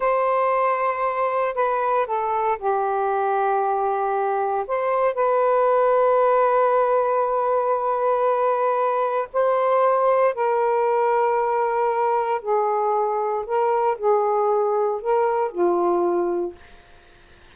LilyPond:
\new Staff \with { instrumentName = "saxophone" } { \time 4/4 \tempo 4 = 116 c''2. b'4 | a'4 g'2.~ | g'4 c''4 b'2~ | b'1~ |
b'2 c''2 | ais'1 | gis'2 ais'4 gis'4~ | gis'4 ais'4 f'2 | }